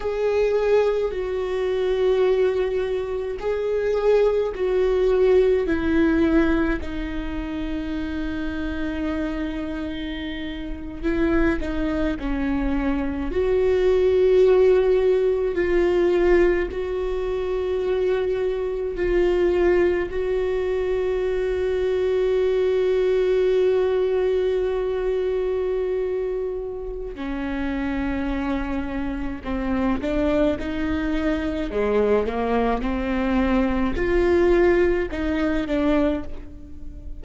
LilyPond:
\new Staff \with { instrumentName = "viola" } { \time 4/4 \tempo 4 = 53 gis'4 fis'2 gis'4 | fis'4 e'4 dis'2~ | dis'4.~ dis'16 e'8 dis'8 cis'4 fis'16~ | fis'4.~ fis'16 f'4 fis'4~ fis'16~ |
fis'8. f'4 fis'2~ fis'16~ | fis'1 | cis'2 c'8 d'8 dis'4 | gis8 ais8 c'4 f'4 dis'8 d'8 | }